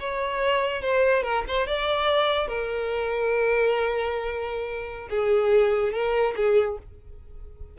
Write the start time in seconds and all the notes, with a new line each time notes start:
0.00 C#5
0.82 C5
1.23 A#4
1.48 C5
1.67 D5
2.48 A#4
5.10 G#4
5.93 A#4
6.37 G#4